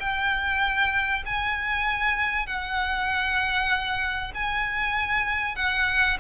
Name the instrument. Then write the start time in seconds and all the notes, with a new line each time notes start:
violin
0.00 G5
1.26 G#5
2.47 F#5
4.35 G#5
5.56 F#5